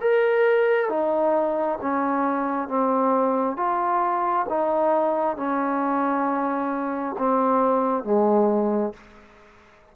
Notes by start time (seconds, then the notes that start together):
0.00 A#4
0.89 D#4
1.81 C#4
2.68 C4
3.56 F4
4.49 D#4
5.36 C#4
7.18 C4
8.04 G#3